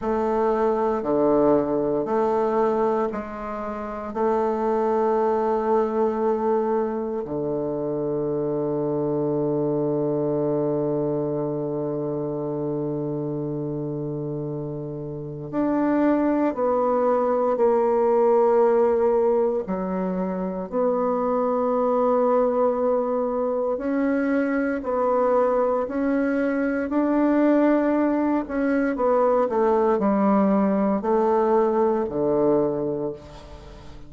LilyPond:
\new Staff \with { instrumentName = "bassoon" } { \time 4/4 \tempo 4 = 58 a4 d4 a4 gis4 | a2. d4~ | d1~ | d2. d'4 |
b4 ais2 fis4 | b2. cis'4 | b4 cis'4 d'4. cis'8 | b8 a8 g4 a4 d4 | }